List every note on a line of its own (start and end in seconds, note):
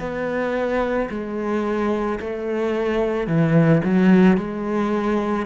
0.00 1.09 B3
1.10 2.19 G#3
2.20 3.27 A3
3.27 3.82 E3
3.84 4.37 F#3
4.37 5.46 G#3